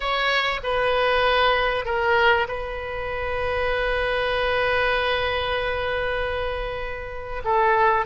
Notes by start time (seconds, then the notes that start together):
0.00 C#5
0.63 B4
1.85 A#4
2.47 B4
7.44 A4